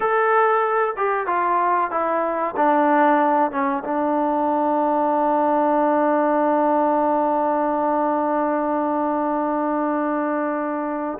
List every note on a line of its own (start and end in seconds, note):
0.00 0.94 A4
0.97 1.26 G4
1.26 1.90 F4
1.91 2.54 E4
2.56 3.51 D4
3.51 3.83 C#4
3.84 11.18 D4